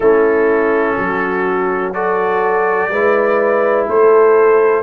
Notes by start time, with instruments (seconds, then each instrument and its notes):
0.00 tuba A3, trombone C#4, horn E4, trumpet A4
0.96 tuba F#3, horn F#4
1.93 trombone F#4, horn A4, trumpet D5
2.89 tuba G#3, trombone E4, horn B4
3.87 tuba A3, horn A4, trumpet C5